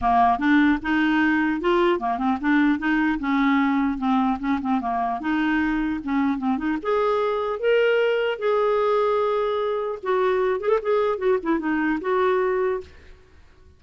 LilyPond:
\new Staff \with { instrumentName = "clarinet" } { \time 4/4 \tempo 4 = 150 ais4 d'4 dis'2 | f'4 ais8 c'8 d'4 dis'4 | cis'2 c'4 cis'8 c'8 | ais4 dis'2 cis'4 |
c'8 dis'8 gis'2 ais'4~ | ais'4 gis'2.~ | gis'4 fis'4. gis'16 a'16 gis'4 | fis'8 e'8 dis'4 fis'2 | }